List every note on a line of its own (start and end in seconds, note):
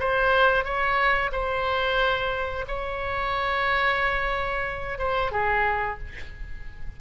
0.00 0.65 C5
0.65 1.31 C#5
1.32 2.65 C5
2.68 4.99 C#5
4.99 5.32 C5
5.32 5.98 G#4